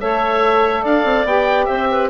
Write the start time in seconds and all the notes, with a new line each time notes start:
0.00 A3 A4 C#5 E5
0.82 D4 D5 F5
1.04 C4
1.25 B3 G4 G5
1.65 C4 C5 E5
1.91 B4